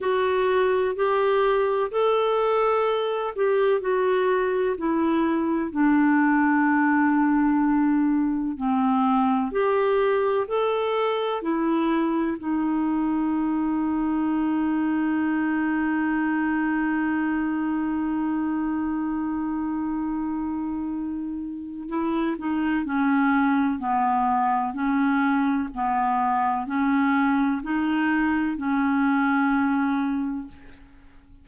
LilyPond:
\new Staff \with { instrumentName = "clarinet" } { \time 4/4 \tempo 4 = 63 fis'4 g'4 a'4. g'8 | fis'4 e'4 d'2~ | d'4 c'4 g'4 a'4 | e'4 dis'2.~ |
dis'1~ | dis'2. e'8 dis'8 | cis'4 b4 cis'4 b4 | cis'4 dis'4 cis'2 | }